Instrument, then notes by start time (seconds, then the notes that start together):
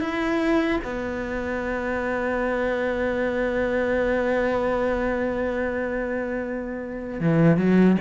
cello
0.00 E4
0.84 B3
7.20 E3
7.57 F#3